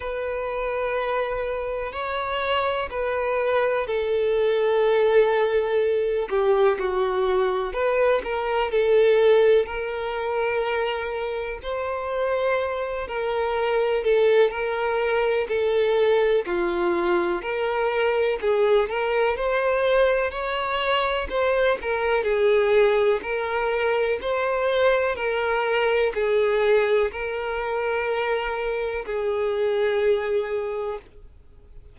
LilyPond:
\new Staff \with { instrumentName = "violin" } { \time 4/4 \tempo 4 = 62 b'2 cis''4 b'4 | a'2~ a'8 g'8 fis'4 | b'8 ais'8 a'4 ais'2 | c''4. ais'4 a'8 ais'4 |
a'4 f'4 ais'4 gis'8 ais'8 | c''4 cis''4 c''8 ais'8 gis'4 | ais'4 c''4 ais'4 gis'4 | ais'2 gis'2 | }